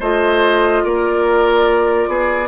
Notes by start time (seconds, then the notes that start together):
0.00 A3 F4 C5 D#5
0.84 A#3 A#4 D5
2.08 B3 G#4